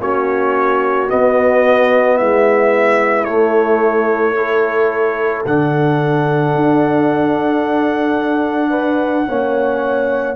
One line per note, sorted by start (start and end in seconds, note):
0.00 1.09 A#3
0.00 1.08 C#4
0.00 2.17 F#4
0.00 1.10 C#5
1.08 3.26 B3
1.08 2.21 B3
1.08 2.17 D#5
2.17 3.27 G#3
2.17 4.35 E4
2.17 3.24 E5
3.24 5.45 A3
3.24 4.35 A3
3.24 5.42 C#5
4.35 5.45 E4
4.35 8.70 A4
5.46 6.55 D3
5.46 9.27 D4
5.46 10.36 F#5
6.55 9.28 D4
8.70 9.24 B4
9.27 10.36 A#3
9.27 10.36 C#4
9.27 10.36 C#5